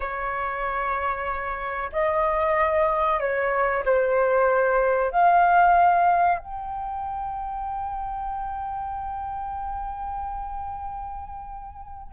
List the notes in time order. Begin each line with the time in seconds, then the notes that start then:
0.00 C#5
1.92 D#5
3.19 C#5
3.85 C5
5.11 F5
6.38 G5